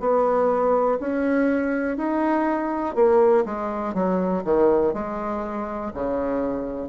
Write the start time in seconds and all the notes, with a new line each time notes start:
0.00 B3
1.00 C#4
1.97 D#4
2.95 A#3
3.45 G#3
3.94 F#3
4.44 D#3
4.93 G#3
5.94 C#3